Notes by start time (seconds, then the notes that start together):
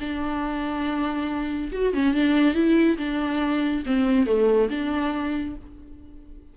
0.00 D4
1.72 F#4
1.94 C#4
2.15 D4
2.54 E4
2.98 D4
3.86 C4
4.27 A3
4.70 D4